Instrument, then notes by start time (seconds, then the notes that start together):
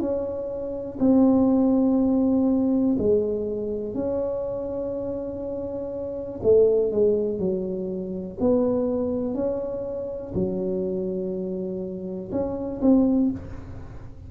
tuba
0.00 C#4
1.00 C4
2.99 G#3
3.95 C#4
6.43 A3
6.92 G#3
7.39 F#3
8.40 B3
9.34 C#4
10.35 F#3
12.32 C#4
12.82 C4